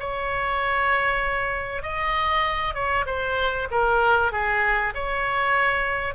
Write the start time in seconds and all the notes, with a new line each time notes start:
0.00 C#5
1.83 D#5
2.75 C#5
3.06 C5
3.71 A#4
4.32 G#4
4.95 C#5